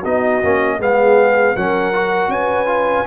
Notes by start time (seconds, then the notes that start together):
0.00 B3 D#4 F#4 D#5
0.43 A#3 C#4
0.78 G#3 B3 G#4 F5
1.55 F#3 C#4 A#4 F#5
1.93 F#4
2.28 C#4 B4 G#5
2.66 F4